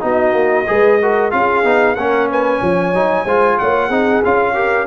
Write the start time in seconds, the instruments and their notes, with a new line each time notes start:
0.00 tuba B3, trombone D#4, horn F#4, trumpet D#5
0.33 tuba A#3
0.67 tuba G#3, trombone G#4, horn B4
1.01 trombone F#4, horn A#4
1.31 tuba C#4, trombone F4, horn G#4, trumpet F5
1.64 tuba B3, trombone D#4
1.95 tuba A#3, trombone C#4, horn A#4, trumpet F#5
2.29 horn B4, trumpet G#5
2.61 tuba F3, horn C#5
2.93 tuba F#3, trombone D#4
3.24 tuba G#3, trombone F4, horn C5
3.58 tuba A#3, horn C#5, trumpet F#5
3.87 tuba C4, trombone D#4, horn G#4
4.23 tuba C#4, trombone F4, trumpet F5
4.54 trombone G4, horn A#4